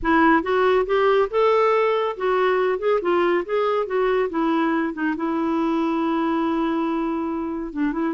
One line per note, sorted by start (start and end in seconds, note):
0.02 0.42 E4
0.42 0.85 F#4
0.86 1.29 G4
1.30 2.16 A4
2.16 2.78 F#4
2.78 3.00 G#4
3.01 3.44 F4
3.45 3.86 G#4
3.86 4.29 F#4
4.29 4.93 E4
4.93 5.15 D#4
5.16 7.72 E4
7.72 7.92 D4
7.92 8.13 E4